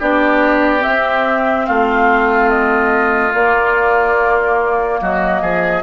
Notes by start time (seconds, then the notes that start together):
0.00 B3 D4 G4 D5
0.80 C4 E5
0.86 C4
1.66 A3 F4 F5
2.49 D#5
3.33 A#3 D5
5.01 F#3 F#4 D#5
5.42 F3 G#4